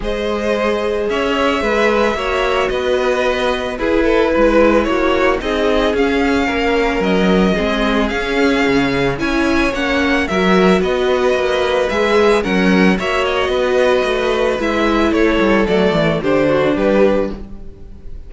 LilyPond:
<<
  \new Staff \with { instrumentName = "violin" } { \time 4/4 \tempo 4 = 111 dis''2 e''2~ | e''4 dis''2 b'4~ | b'4 cis''4 dis''4 f''4~ | f''4 dis''2 f''4~ |
f''4 gis''4 fis''4 e''4 | dis''2 e''4 fis''4 | e''8 dis''2~ dis''8 e''4 | cis''4 d''4 c''4 b'4 | }
  \new Staff \with { instrumentName = "violin" } { \time 4/4 c''2 cis''4 b'4 | cis''4 b'2 gis'8 a'8 | b'4 fis'4 gis'2 | ais'2 gis'2~ |
gis'4 cis''2 ais'4 | b'2. ais'4 | cis''4 b'2. | a'2 g'8 fis'8 g'4 | }
  \new Staff \with { instrumentName = "viola" } { \time 4/4 gis'1 | fis'2. e'4~ | e'2 dis'4 cis'4~ | cis'2 c'4 cis'4~ |
cis'4 e'4 cis'4 fis'4~ | fis'2 gis'4 cis'4 | fis'2. e'4~ | e'4 a4 d'2 | }
  \new Staff \with { instrumentName = "cello" } { \time 4/4 gis2 cis'4 gis4 | ais4 b2 e'4 | gis4 ais4 c'4 cis'4 | ais4 fis4 gis4 cis'4 |
cis4 cis'4 ais4 fis4 | b4 ais4 gis4 fis4 | ais4 b4 a4 gis4 | a8 g8 fis8 e8 d4 g4 | }
>>